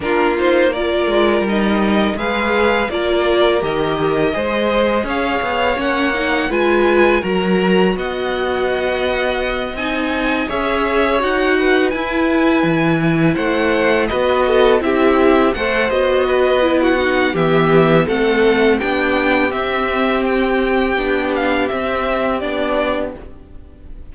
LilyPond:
<<
  \new Staff \with { instrumentName = "violin" } { \time 4/4 \tempo 4 = 83 ais'8 c''8 d''4 dis''4 f''4 | d''4 dis''2 f''4 | fis''4 gis''4 ais''4 fis''4~ | fis''4. gis''4 e''4 fis''8~ |
fis''8 gis''2 fis''4 dis''8~ | dis''8 e''4 fis''8 dis''4~ dis''16 fis''8. | e''4 fis''4 g''4 e''4 | g''4. f''8 e''4 d''4 | }
  \new Staff \with { instrumentName = "violin" } { \time 4/4 f'4 ais'2 b'4 | ais'2 c''4 cis''4~ | cis''4 b'4 ais'4 dis''4~ | dis''2~ dis''8 cis''4. |
b'2~ b'8 c''4 b'8 | a'8 g'4 c''4 b'8. fis'8. | g'4 a'4 g'2~ | g'1 | }
  \new Staff \with { instrumentName = "viola" } { \time 4/4 d'8 dis'8 f'4 dis'4 gis'4 | f'4 g'4 gis'2 | cis'8 dis'8 f'4 fis'2~ | fis'4. dis'4 gis'4 fis'8~ |
fis'8 e'2. fis'8~ | fis'8 e'4 a'8 fis'4 e'8 dis'8 | b4 c'4 d'4 c'4~ | c'4 d'4 c'4 d'4 | }
  \new Staff \with { instrumentName = "cello" } { \time 4/4 ais4. gis8 g4 gis4 | ais4 dis4 gis4 cis'8 b8 | ais4 gis4 fis4 b4~ | b4. c'4 cis'4 dis'8~ |
dis'8 e'4 e4 a4 b8~ | b8 c'4 a8 b2 | e4 a4 b4 c'4~ | c'4 b4 c'4 b4 | }
>>